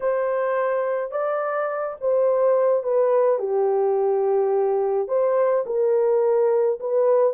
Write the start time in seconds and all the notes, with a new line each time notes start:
0.00 C5
1.11 D5
2.01 C5
2.83 B4
3.38 G4
5.08 C5
5.66 A#4
6.80 B4